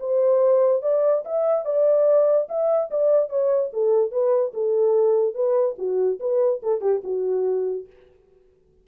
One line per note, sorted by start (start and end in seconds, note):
0.00 0.82 C5
0.82 1.24 D5
1.25 1.65 E5
1.65 2.48 D5
2.49 2.90 E5
2.91 3.29 D5
3.29 3.71 C#5
3.73 4.12 A4
4.12 4.53 B4
4.54 5.35 A4
5.35 5.76 B4
5.78 6.20 F#4
6.20 6.61 B4
6.63 6.81 A4
6.81 7.02 G4
7.04 7.87 F#4